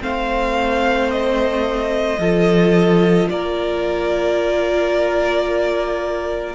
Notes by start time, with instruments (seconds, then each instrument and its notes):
0.00 cello A3, viola C4, violin C5 F5
1.11 violin D#5
2.18 cello F3, viola F4, violin A4
3.29 cello A#3, violin A#4 D5